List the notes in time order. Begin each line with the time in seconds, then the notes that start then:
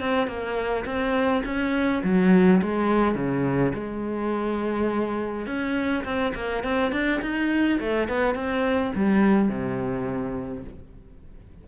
0.00 C4
0.27 A#3
0.85 C4
1.45 C#4
2.03 F#3
2.62 G#3
3.15 C#3
3.74 G#3
5.46 C#4
6.04 C4
6.35 A#3
6.64 C4
6.92 D4
7.21 D#4
7.80 A3
8.08 B3
8.35 C4
8.95 G3
9.49 C3